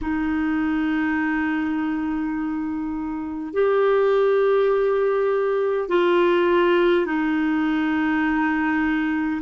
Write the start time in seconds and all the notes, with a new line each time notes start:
0.01 D#4
3.53 G4
5.88 F4
7.06 D#4